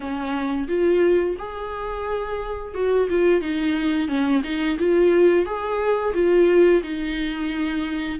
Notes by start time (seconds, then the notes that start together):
0.00 C#4
0.68 F4
1.38 G#4
2.74 F#4
3.09 F4
3.41 D#4
4.08 C#4
4.43 D#4
4.79 F4
5.45 G#4
6.14 F4
6.82 D#4